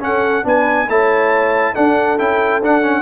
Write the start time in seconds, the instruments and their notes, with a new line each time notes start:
0.00 trombone C#4, tuba C#4, horn A4, trumpet F#5
0.43 tuba B3, trombone D4, horn B4, trumpet G#5
0.88 tuba A3, trombone E4, horn C#5, trumpet A5
1.72 trombone D4, tuba D4, horn A4, trumpet F#5
2.19 tuba C#4, trombone E4, trumpet G5
2.61 tuba D4, trombone D4, trumpet F#5
2.82 trombone C#4